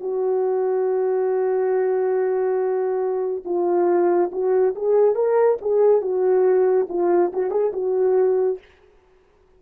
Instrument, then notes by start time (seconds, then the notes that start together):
horn
0.00 F#4
3.45 F4
4.32 F#4
4.75 G#4
5.15 A#4
5.61 G#4
6.01 F#4
6.89 F4
7.33 F#4
7.50 G#4
7.73 F#4